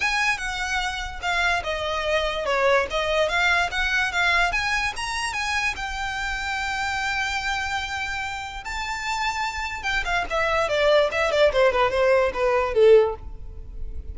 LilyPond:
\new Staff \with { instrumentName = "violin" } { \time 4/4 \tempo 4 = 146 gis''4 fis''2 f''4 | dis''2 cis''4 dis''4 | f''4 fis''4 f''4 gis''4 | ais''4 gis''4 g''2~ |
g''1~ | g''4 a''2. | g''8 f''8 e''4 d''4 e''8 d''8 | c''8 b'8 c''4 b'4 a'4 | }